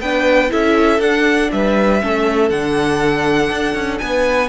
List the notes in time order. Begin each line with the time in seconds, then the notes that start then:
0.00 B3 D4 B4 G5
0.49 C#4 E4 A4 E5
0.99 D4 F#5
1.52 G3 B4 E5
2.01 A3 C#4 A4
2.50 D3 D4 F#5
3.51 D4
3.74 C#4
3.99 B3 B4 G#5